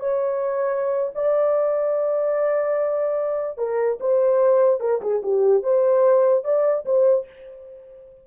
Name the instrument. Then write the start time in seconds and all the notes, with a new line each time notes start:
horn
0.00 C#5
1.15 D5
3.58 A#4
4.01 C5
4.81 A#4
5.01 G#4
5.23 G4
5.63 C5
6.45 D5
6.86 C5